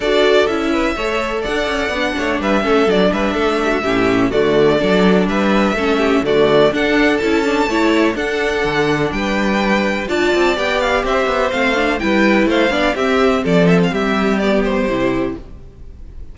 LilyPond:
<<
  \new Staff \with { instrumentName = "violin" } { \time 4/4 \tempo 4 = 125 d''4 e''2 fis''4~ | fis''4 e''4 d''8 e''4.~ | e''4 d''2 e''4~ | e''4 d''4 fis''4 a''4~ |
a''4 fis''2 g''4~ | g''4 a''4 g''8 f''8 e''4 | f''4 g''4 f''4 e''4 | d''8 e''16 f''16 e''4 d''8 c''4. | }
  \new Staff \with { instrumentName = "violin" } { \time 4/4 a'4. b'8 cis''4 d''4~ | d''8 cis''8 b'8 a'4 b'8 a'8 g'16 fis'16 | g'4 fis'4 a'4 b'4 | a'8 g'8 fis'4 a'2 |
cis''4 a'2 b'4~ | b'4 d''2 c''4~ | c''4 b'4 c''8 d''8 g'4 | a'4 g'2. | }
  \new Staff \with { instrumentName = "viola" } { \time 4/4 fis'4 e'4 a'2 | d'4. cis'8 d'2 | cis'4 a4 d'2 | cis'4 a4 d'4 e'8 d'8 |
e'4 d'2.~ | d'4 f'4 g'2 | c'8 d'8 e'4. d'8 c'4~ | c'2 b4 e'4 | }
  \new Staff \with { instrumentName = "cello" } { \time 4/4 d'4 cis'4 a4 d'8 cis'8 | b8 a8 g8 a8 fis8 g8 a4 | a,4 d4 fis4 g4 | a4 d4 d'4 cis'4 |
a4 d'4 d4 g4~ | g4 d'8 c'8 b4 c'8 b8 | a4 g4 a8 b8 c'4 | f4 g2 c4 | }
>>